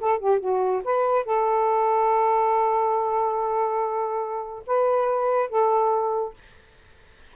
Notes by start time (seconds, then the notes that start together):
0.00 A4
0.19 G4
0.40 F#4
0.84 B4
1.25 A4
4.66 B4
5.49 A4